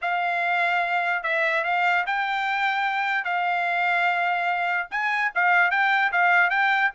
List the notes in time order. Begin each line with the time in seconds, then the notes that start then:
0.01 F5
1.23 E5
1.64 F5
2.06 G5
3.24 F5
4.91 G#5
5.34 F5
5.70 G5
6.12 F5
6.49 G5